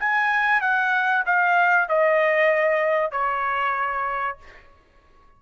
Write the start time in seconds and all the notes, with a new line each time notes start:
0.00 G#5
0.61 F#5
1.26 F5
1.89 D#5
3.12 C#5